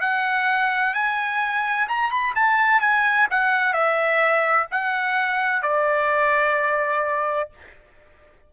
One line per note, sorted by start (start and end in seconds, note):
0.00 0.94 F#5
0.94 1.87 G#5
1.88 2.11 A#5
2.11 2.34 B5
2.35 2.80 A5
2.80 3.27 G#5
3.30 3.73 F#5
3.73 4.67 E5
4.71 5.62 F#5
5.62 7.50 D5